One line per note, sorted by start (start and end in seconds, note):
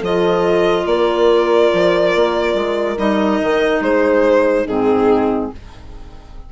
0.00 0.86 F3
0.00 2.98 F4
0.00 0.85 A4
0.00 0.87 D#5
0.86 1.71 A#3
0.86 3.82 A#4
0.86 2.98 D5
1.74 2.16 F3
2.16 2.55 A#3
2.55 2.97 G#3
2.98 3.41 G3
2.98 4.67 D#4
2.98 3.83 D#5
3.42 3.81 D#3
3.81 4.66 G#3
3.81 4.66 G#4
3.81 4.68 C5
4.66 5.52 G#2
4.66 5.53 C4
4.66 5.51 D#4
4.66 5.52 G#4